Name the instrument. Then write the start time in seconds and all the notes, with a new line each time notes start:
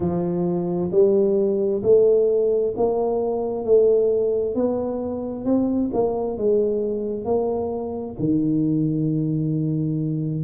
tuba
0.00 F3
0.91 G3
1.83 A3
2.76 A#3
3.64 A3
4.55 B3
5.45 C4
5.93 A#3
6.37 G#3
7.24 A#3
8.19 D#3